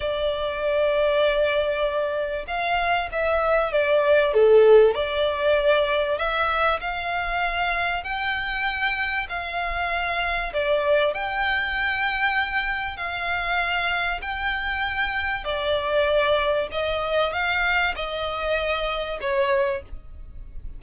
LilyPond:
\new Staff \with { instrumentName = "violin" } { \time 4/4 \tempo 4 = 97 d''1 | f''4 e''4 d''4 a'4 | d''2 e''4 f''4~ | f''4 g''2 f''4~ |
f''4 d''4 g''2~ | g''4 f''2 g''4~ | g''4 d''2 dis''4 | f''4 dis''2 cis''4 | }